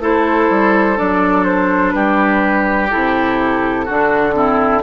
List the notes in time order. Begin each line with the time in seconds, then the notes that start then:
0.00 A3 E4 A4 C5
0.50 G3
0.96 F#3 D4 D5
1.45 C5
1.91 G3 G4 B4
2.90 C3 E4 A4
3.85 D3 D4 F#4
4.34 C4 E4